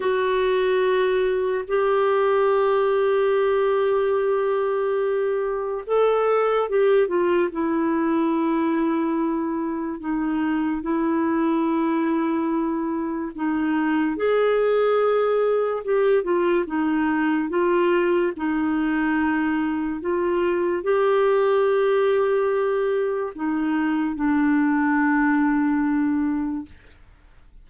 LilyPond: \new Staff \with { instrumentName = "clarinet" } { \time 4/4 \tempo 4 = 72 fis'2 g'2~ | g'2. a'4 | g'8 f'8 e'2. | dis'4 e'2. |
dis'4 gis'2 g'8 f'8 | dis'4 f'4 dis'2 | f'4 g'2. | dis'4 d'2. | }